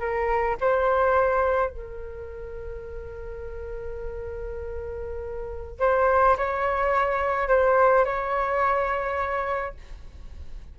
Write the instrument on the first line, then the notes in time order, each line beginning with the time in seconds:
flute
0.00 A#4
0.61 C5
1.70 A#4
5.80 C5
6.37 C#5
7.48 C5
8.05 C#5